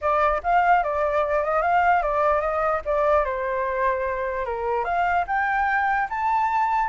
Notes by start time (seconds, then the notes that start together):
0.01 D5
0.43 F5
0.83 D5
1.44 D#5
1.62 F5
2.02 D5
2.40 D#5
2.85 D5
3.24 C5
4.45 A#4
4.84 F5
5.27 G5
6.09 A5